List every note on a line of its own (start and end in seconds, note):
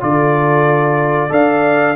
0.00 1.31 D3
0.00 1.29 F4
0.00 1.30 A4
0.00 1.32 D5
1.29 1.96 D4
1.29 1.94 A4
1.29 1.96 D5
1.29 1.96 F5